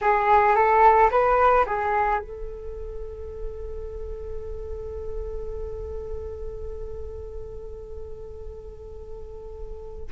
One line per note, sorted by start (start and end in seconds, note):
0.00 0.55 G#4
0.55 1.10 A4
1.10 1.65 B4
1.66 2.19 G#4
2.19 10.10 A4